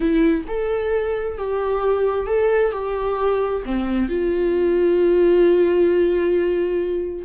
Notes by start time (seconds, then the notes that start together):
0.00 E4
0.47 A4
1.37 G4
2.26 A4
2.71 G4
3.65 C4
4.08 F4